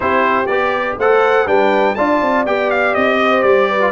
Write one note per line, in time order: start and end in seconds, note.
0.00 0.47 C4
0.00 0.46 E4
0.00 0.98 G4
0.00 0.46 C5
0.46 0.96 B3
0.46 0.99 G4
0.46 0.95 D5
0.98 1.46 A3
0.98 1.46 A4
0.98 1.45 C5
0.98 1.47 F#5
1.45 1.95 G3
1.45 1.95 D4
1.45 1.94 B4
1.45 1.95 G5
1.95 2.21 D4
1.95 2.46 F4
1.95 3.19 D5
1.95 2.44 A5
2.21 2.45 C4
2.45 2.94 B3
2.45 3.80 G4
2.45 2.70 G5
2.70 2.94 F5
2.94 3.43 C4
2.94 3.42 D#5
3.21 3.69 C5
3.42 3.92 G3
3.42 3.92 D5
3.69 3.92 B4
3.80 3.92 F4